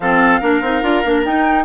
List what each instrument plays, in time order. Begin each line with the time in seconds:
0.00 bassoon F3, clarinet C4, oboe A4, flute F5
0.40 bassoon A#3, clarinet D4, oboe A#4
0.61 bassoon C4, clarinet D#4
0.82 bassoon D4, clarinet F4
1.04 bassoon A#3, clarinet D4
1.24 bassoon D#4, clarinet D#4, flute G5